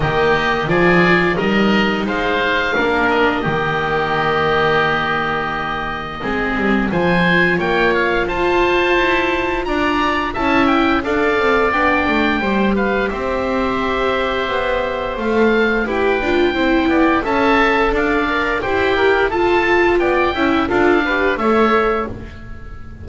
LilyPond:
<<
  \new Staff \with { instrumentName = "oboe" } { \time 4/4 \tempo 4 = 87 dis''4 d''4 dis''4 f''4~ | f''8 dis''2.~ dis''8~ | dis''2 gis''4 g''8 f''8 | a''2 ais''4 a''8 g''8 |
f''4 g''4. f''8 e''4~ | e''2 f''4 g''4~ | g''4 a''4 f''4 g''4 | a''4 g''4 f''4 e''4 | }
  \new Staff \with { instrumentName = "oboe" } { \time 4/4 g'4 gis'4 ais'4 c''4 | ais'4 g'2.~ | g'4 gis'4 c''4 cis''4 | c''2 d''4 e''4 |
d''2 c''8 b'8 c''4~ | c''2. b'4 | c''8 d''8 e''4 d''4 c''8 ais'8 | a'4 d''8 e''8 a'8 b'8 cis''4 | }
  \new Staff \with { instrumentName = "viola" } { \time 4/4 ais4 f'4 dis'2 | d'4 ais2.~ | ais4 c'4 f'2~ | f'2. e'4 |
a'4 d'4 g'2~ | g'2 a'4 g'8 f'8 | e'4 a'4. ais'8 g'4 | f'4. e'8 f'8 g'8 a'4 | }
  \new Staff \with { instrumentName = "double bass" } { \time 4/4 dis4 f4 g4 gis4 | ais4 dis2.~ | dis4 gis8 g8 f4 ais4 | f'4 e'4 d'4 cis'4 |
d'8 c'8 b8 a8 g4 c'4~ | c'4 b4 a4 e'8 d'8 | c'8 b8 cis'4 d'4 e'4 | f'4 b8 cis'8 d'4 a4 | }
>>